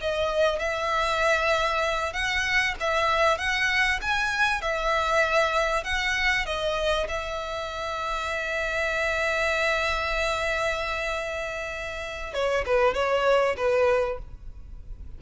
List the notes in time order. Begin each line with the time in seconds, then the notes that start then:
0.00 D#5
0.58 E5
2.13 F#5
2.80 E5
3.37 F#5
4.01 G#5
4.61 E5
5.84 F#5
6.45 D#5
7.08 E5
12.33 C#5
12.66 B4
12.94 C#5
13.56 B4